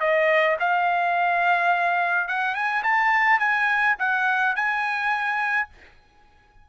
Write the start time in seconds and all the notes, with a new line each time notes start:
0.00 D#5
0.59 F5
2.28 F#5
2.54 G#5
2.83 A5
3.39 G#5
3.99 F#5
4.56 G#5